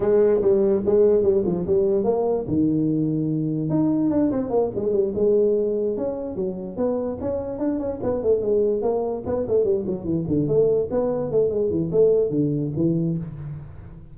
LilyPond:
\new Staff \with { instrumentName = "tuba" } { \time 4/4 \tempo 4 = 146 gis4 g4 gis4 g8 f8 | g4 ais4 dis2~ | dis4 dis'4 d'8 c'8 ais8 gis8 | g8 gis2 cis'4 fis8~ |
fis8 b4 cis'4 d'8 cis'8 b8 | a8 gis4 ais4 b8 a8 g8 | fis8 e8 d8 a4 b4 a8 | gis8 e8 a4 d4 e4 | }